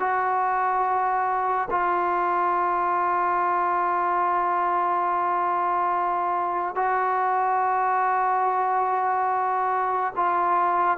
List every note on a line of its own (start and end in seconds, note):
0.00 1.69 F#4
1.71 6.76 F4
6.76 10.14 F#4
10.16 10.98 F4